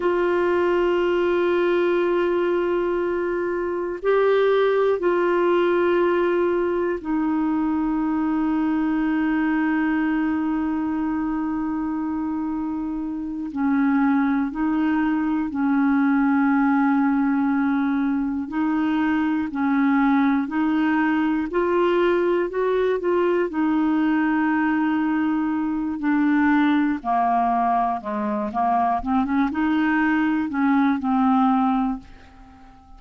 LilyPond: \new Staff \with { instrumentName = "clarinet" } { \time 4/4 \tempo 4 = 60 f'1 | g'4 f'2 dis'4~ | dis'1~ | dis'4. cis'4 dis'4 cis'8~ |
cis'2~ cis'8 dis'4 cis'8~ | cis'8 dis'4 f'4 fis'8 f'8 dis'8~ | dis'2 d'4 ais4 | gis8 ais8 c'16 cis'16 dis'4 cis'8 c'4 | }